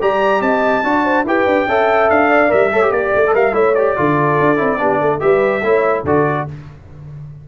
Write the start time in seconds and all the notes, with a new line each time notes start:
0.00 G3 G4 D5 A#5
0.41 C4 D#5 A5
0.83 D4 F#4 D5
1.05 C5
1.24 E4 G4 B4 G5
1.46 D4
1.67 C#4 A4 E5
2.10 D4 F5
2.29 D5
2.49 G3 A#4 E5
2.72 A3 A4 C#5
2.82 G4
2.91 A#3 D5
3.14 A3
3.27 A4
3.34 G3 A#4 E5 F5
3.52 A3 E4 C#5 E5
3.74 G4 D5
3.96 D3 F4 A4
4.39 D4
4.57 C4 E4
4.79 B3 D4 G4
5.01 A3 A4
5.20 G3 G4 B4 E5
5.62 A3 E4 C#5
6.03 D3 F#4 A4 D5